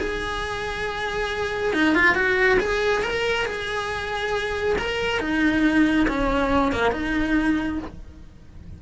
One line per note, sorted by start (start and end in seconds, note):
0.00 1.74 G#4
1.74 1.95 D#4
1.95 2.15 F4
2.15 2.59 F#4
2.60 3.03 G#4
3.03 3.46 A#4
3.46 4.76 G#4
4.79 5.20 A#4
5.20 6.07 D#4
6.08 6.72 C#4
6.72 6.92 A#3
6.92 7.79 D#4